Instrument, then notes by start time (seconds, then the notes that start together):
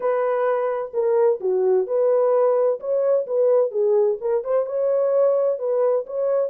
horn
0.00 B4
0.93 A#4
1.40 F#4
1.86 B4
2.79 C#5
3.26 B4
3.71 G#4
4.20 A#4
4.44 C5
4.66 C#5
5.59 B4
6.06 C#5